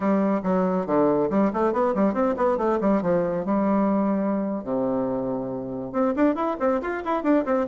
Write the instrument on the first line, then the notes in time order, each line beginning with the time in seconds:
bassoon
0.00 G3
0.43 F#3
0.86 D3
1.30 G3
1.53 A3
1.72 B3
1.94 G3
2.13 C4
2.37 B3
2.57 A3
2.81 G3
3.01 F3
3.45 G3
4.64 C3
5.92 C4
6.16 D4
6.35 E4
6.59 C4
6.81 F4
7.04 E4
7.23 D4
7.45 C4